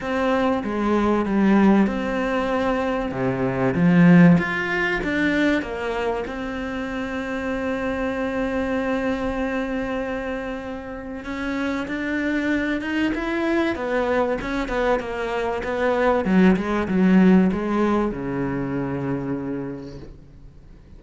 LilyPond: \new Staff \with { instrumentName = "cello" } { \time 4/4 \tempo 4 = 96 c'4 gis4 g4 c'4~ | c'4 c4 f4 f'4 | d'4 ais4 c'2~ | c'1~ |
c'2 cis'4 d'4~ | d'8 dis'8 e'4 b4 cis'8 b8 | ais4 b4 fis8 gis8 fis4 | gis4 cis2. | }